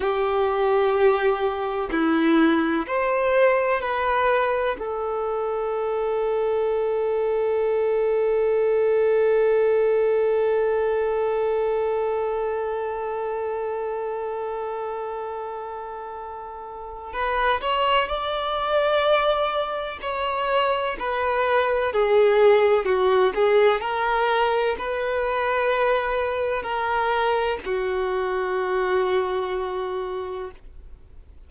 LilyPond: \new Staff \with { instrumentName = "violin" } { \time 4/4 \tempo 4 = 63 g'2 e'4 c''4 | b'4 a'2.~ | a'1~ | a'1~ |
a'2 b'8 cis''8 d''4~ | d''4 cis''4 b'4 gis'4 | fis'8 gis'8 ais'4 b'2 | ais'4 fis'2. | }